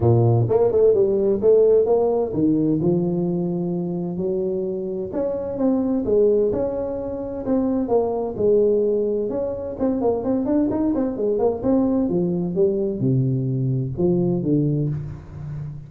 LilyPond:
\new Staff \with { instrumentName = "tuba" } { \time 4/4 \tempo 4 = 129 ais,4 ais8 a8 g4 a4 | ais4 dis4 f2~ | f4 fis2 cis'4 | c'4 gis4 cis'2 |
c'4 ais4 gis2 | cis'4 c'8 ais8 c'8 d'8 dis'8 c'8 | gis8 ais8 c'4 f4 g4 | c2 f4 d4 | }